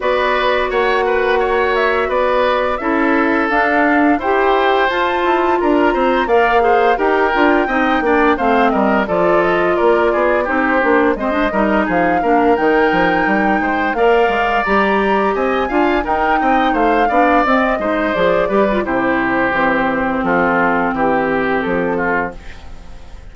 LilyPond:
<<
  \new Staff \with { instrumentName = "flute" } { \time 4/4 \tempo 4 = 86 d''4 fis''4. e''8 d''4 | e''4 f''4 g''4 a''4 | ais''4 f''4 g''2 | f''8 dis''8 d''8 dis''8 d''4 c''4 |
dis''4 f''4 g''2 | f''4 ais''4 gis''4 g''4 | f''4 dis''4 d''4 c''4~ | c''4 a'4 g'4 a'4 | }
  \new Staff \with { instrumentName = "oboe" } { \time 4/4 b'4 cis''8 b'8 cis''4 b'4 | a'2 c''2 | ais'8 c''8 d''8 c''8 ais'4 dis''8 d''8 | c''8 ais'8 a'4 ais'8 gis'8 g'4 |
c''8 ais'8 gis'8 ais'2 c''8 | d''2 dis''8 f''8 ais'8 dis''8 | c''8 d''4 c''4 b'8 g'4~ | g'4 f'4 g'4. f'8 | }
  \new Staff \with { instrumentName = "clarinet" } { \time 4/4 fis'1 | e'4 d'4 g'4 f'4~ | f'4 ais'8 gis'8 g'8 f'8 dis'8 d'8 | c'4 f'2 dis'8 d'8 |
c'16 d'16 dis'4 d'8 dis'2 | ais'4 g'4. f'8 dis'4~ | dis'8 d'8 c'8 dis'8 gis'8 g'16 f'16 e'4 | c'1 | }
  \new Staff \with { instrumentName = "bassoon" } { \time 4/4 b4 ais2 b4 | cis'4 d'4 e'4 f'8 e'8 | d'8 c'8 ais4 dis'8 d'8 c'8 ais8 | a8 g8 f4 ais8 b8 c'8 ais8 |
gis8 g8 f8 ais8 dis8 f8 g8 gis8 | ais8 gis8 g4 c'8 d'8 dis'8 c'8 | a8 b8 c'8 gis8 f8 g8 c4 | e4 f4 e4 f4 | }
>>